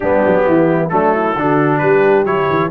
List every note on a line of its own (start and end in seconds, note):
0.00 0.25 G3
0.00 0.89 B3
0.00 0.45 D4
0.00 0.89 G4
0.26 0.47 F#3
0.46 0.91 E3
0.46 0.91 E4
0.89 1.36 F#3
0.89 1.35 A3
0.89 1.14 D4
0.89 1.78 A4
1.14 1.36 E4
1.36 1.81 D3
1.36 2.25 D4
1.36 1.81 F#4
1.78 2.24 G3
1.78 2.71 G4
1.78 2.23 B4
2.24 2.47 F#3
2.24 2.70 E4
2.24 2.70 C#5
2.49 2.71 E3